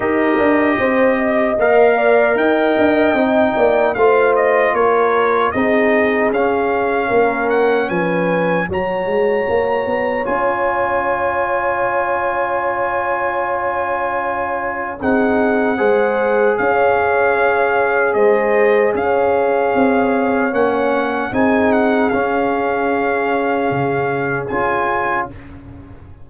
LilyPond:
<<
  \new Staff \with { instrumentName = "trumpet" } { \time 4/4 \tempo 4 = 76 dis''2 f''4 g''4~ | g''4 f''8 dis''8 cis''4 dis''4 | f''4. fis''8 gis''4 ais''4~ | ais''4 gis''2.~ |
gis''2. fis''4~ | fis''4 f''2 dis''4 | f''2 fis''4 gis''8 fis''8 | f''2. gis''4 | }
  \new Staff \with { instrumentName = "horn" } { \time 4/4 ais'4 c''8 dis''4 d''8 dis''4~ | dis''8 d''8 c''4 ais'4 gis'4~ | gis'4 ais'4 b'4 cis''4~ | cis''1~ |
cis''2. gis'4 | c''4 cis''2 c''4 | cis''2. gis'4~ | gis'1 | }
  \new Staff \with { instrumentName = "trombone" } { \time 4/4 g'2 ais'2 | dis'4 f'2 dis'4 | cis'2. fis'4~ | fis'4 f'2.~ |
f'2. dis'4 | gis'1~ | gis'2 cis'4 dis'4 | cis'2. f'4 | }
  \new Staff \with { instrumentName = "tuba" } { \time 4/4 dis'8 d'8 c'4 ais4 dis'8 d'8 | c'8 ais8 a4 ais4 c'4 | cis'4 ais4 f4 fis8 gis8 | ais8 b8 cis'2.~ |
cis'2. c'4 | gis4 cis'2 gis4 | cis'4 c'4 ais4 c'4 | cis'2 cis4 cis'4 | }
>>